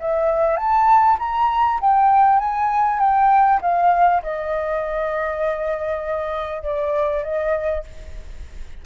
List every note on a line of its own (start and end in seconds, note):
0.00 0.57 E5
0.57 1.18 A5
1.20 1.80 A#5
1.81 2.39 G5
2.39 3.00 G#5
3.00 3.61 G5
3.62 4.23 F5
4.23 6.63 D#5
6.63 7.24 D5
7.24 7.84 D#5